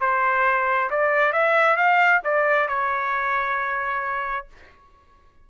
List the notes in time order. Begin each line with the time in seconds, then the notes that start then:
0.00 C5
0.90 D5
1.32 E5
1.76 F5
2.24 D5
2.68 C#5